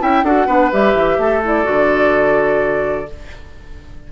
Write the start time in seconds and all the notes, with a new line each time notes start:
0.00 C#4 E4 E5 G5
0.23 D4 F#4 A4 F#5
0.46 B3 D4 B4
0.72 G3 G4 E5
0.94 E3
1.18 A3 A4
1.44 E4 D5
1.64 D3 F#4